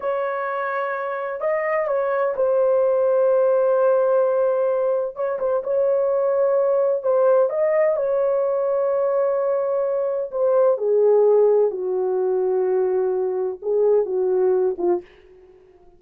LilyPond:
\new Staff \with { instrumentName = "horn" } { \time 4/4 \tempo 4 = 128 cis''2. dis''4 | cis''4 c''2.~ | c''2. cis''8 c''8 | cis''2. c''4 |
dis''4 cis''2.~ | cis''2 c''4 gis'4~ | gis'4 fis'2.~ | fis'4 gis'4 fis'4. f'8 | }